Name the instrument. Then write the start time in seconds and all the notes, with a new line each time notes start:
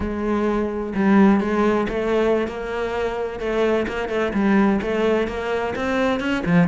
cello
0.00 G#3
0.95 G3
1.40 G#3
1.89 A3
2.47 A#3
3.39 A3
3.87 A#3
4.08 A3
4.33 G3
4.81 A3
5.27 A#3
5.75 C4
6.19 C#4
6.45 F3